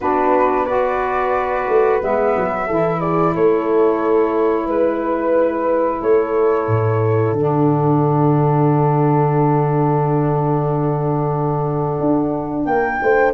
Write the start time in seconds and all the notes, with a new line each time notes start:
0.00 B3 D4 F#4 B4
0.65 F#4 B4 D5
1.68 A3
2.01 G#3 B3 E5
2.36 F#3
2.66 E3 E4 A4
3.00 G#4 D5
3.34 A3 A4 C#5
4.65 G#3 B4
6.00 A3 A4 C#5
6.67 A2
7.32 D3 D4 F#5
12.00 D4
12.65 A#3 A#4 G5
13.02 A3 C5